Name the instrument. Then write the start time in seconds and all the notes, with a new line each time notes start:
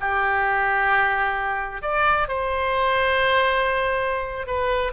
oboe
0.00 G4
1.81 D5
2.28 C5
4.47 B4